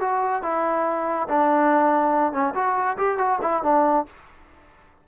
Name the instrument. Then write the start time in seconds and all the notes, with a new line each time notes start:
trombone
0.00 F#4
0.43 E4
1.28 D4
2.32 C#4
2.55 F#4
2.97 G4
3.18 F#4
3.42 E4
3.63 D4